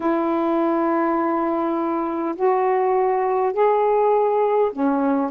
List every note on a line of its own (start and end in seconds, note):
0.00 2.35 E4
2.35 3.53 F#4
3.53 4.71 G#4
4.72 5.30 C#4